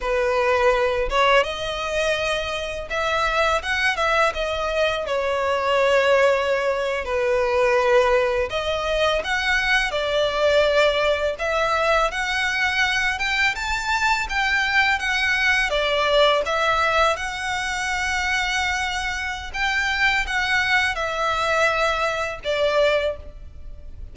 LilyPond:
\new Staff \with { instrumentName = "violin" } { \time 4/4 \tempo 4 = 83 b'4. cis''8 dis''2 | e''4 fis''8 e''8 dis''4 cis''4~ | cis''4.~ cis''16 b'2 dis''16~ | dis''8. fis''4 d''2 e''16~ |
e''8. fis''4. g''8 a''4 g''16~ | g''8. fis''4 d''4 e''4 fis''16~ | fis''2. g''4 | fis''4 e''2 d''4 | }